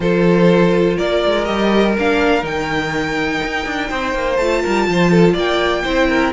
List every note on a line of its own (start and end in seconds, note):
0.00 0.97 F3
0.00 1.45 F4
0.00 0.96 A4
0.00 0.98 C5
0.96 1.24 A#3
0.96 3.89 A#4
0.96 1.44 D5
1.25 1.48 G#3
1.44 1.97 G3
1.44 1.94 G4
1.44 1.93 D#5
1.98 2.43 A#3
1.98 2.41 D4
1.98 2.45 F5
2.41 3.40 D#3
2.41 4.36 D#4
2.41 4.36 G5
3.43 3.65 D#4
3.65 3.90 D4
3.89 4.14 C4
3.89 4.62 C5
4.14 4.39 A#3
4.36 4.63 A3
4.36 5.85 F4
4.36 5.34 A5
4.62 4.87 G3
4.62 4.86 A#4
4.87 5.35 F3
4.87 5.10 C5
5.10 5.33 A4
5.33 5.83 A#3
5.33 5.82 D5
5.33 6.32 G5
5.83 6.32 C4
5.83 6.32 E4
5.83 6.08 C5
6.08 6.32 A#4